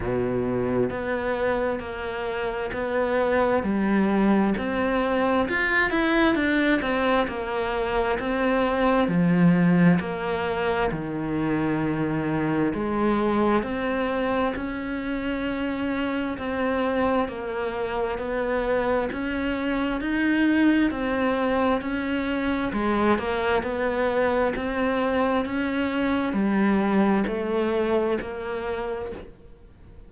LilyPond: \new Staff \with { instrumentName = "cello" } { \time 4/4 \tempo 4 = 66 b,4 b4 ais4 b4 | g4 c'4 f'8 e'8 d'8 c'8 | ais4 c'4 f4 ais4 | dis2 gis4 c'4 |
cis'2 c'4 ais4 | b4 cis'4 dis'4 c'4 | cis'4 gis8 ais8 b4 c'4 | cis'4 g4 a4 ais4 | }